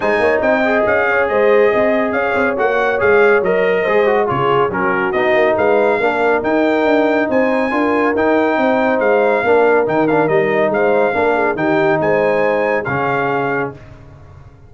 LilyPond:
<<
  \new Staff \with { instrumentName = "trumpet" } { \time 4/4 \tempo 4 = 140 gis''4 g''4 f''4 dis''4~ | dis''4 f''4 fis''4 f''4 | dis''2 cis''4 ais'4 | dis''4 f''2 g''4~ |
g''4 gis''2 g''4~ | g''4 f''2 g''8 f''8 | dis''4 f''2 g''4 | gis''2 f''2 | }
  \new Staff \with { instrumentName = "horn" } { \time 4/4 c''8 cis''8 dis''4. cis''8 c''4 | dis''4 cis''2.~ | cis''4 c''4 gis'4 fis'4~ | fis'4 b'4 ais'2~ |
ais'4 c''4 ais'2 | c''2 ais'2~ | ais'4 c''4 ais'8 gis'8 g'4 | c''2 gis'2 | }
  \new Staff \with { instrumentName = "trombone" } { \time 4/4 dis'4. gis'2~ gis'8~ | gis'2 fis'4 gis'4 | ais'4 gis'8 fis'8 f'4 cis'4 | dis'2 d'4 dis'4~ |
dis'2 f'4 dis'4~ | dis'2 d'4 dis'8 d'8 | dis'2 d'4 dis'4~ | dis'2 cis'2 | }
  \new Staff \with { instrumentName = "tuba" } { \time 4/4 gis8 ais8 c'4 cis'4 gis4 | c'4 cis'8 c'8 ais4 gis4 | fis4 gis4 cis4 fis4 | b8 ais8 gis4 ais4 dis'4 |
d'4 c'4 d'4 dis'4 | c'4 gis4 ais4 dis4 | g4 gis4 ais4 dis4 | gis2 cis2 | }
>>